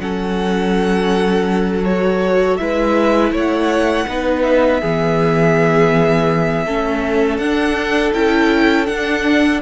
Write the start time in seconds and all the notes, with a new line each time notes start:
0.00 F#3 C#4 A4 F#5
1.84 F#4 C#5
2.57 G#3 E4 B4 E5
3.32 A3 C#5 F#5
4.08 B3 D#4 B4
4.42 E5
4.81 E3 B3 G#4
6.66 A3 C#4 A4
7.38 D4 F#5
8.14 C#4 E4 G5
8.86 D4 F#5